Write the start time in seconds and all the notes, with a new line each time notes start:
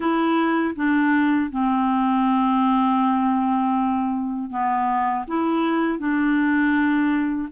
0.00 E4
0.75 D4
1.50 C4
4.50 B3
5.27 E4
5.98 D4